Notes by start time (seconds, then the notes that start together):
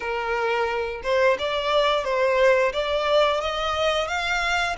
0.00 A#4
1.03 C5
1.39 D5
2.04 C5
2.73 D5
3.40 D#5
4.07 F5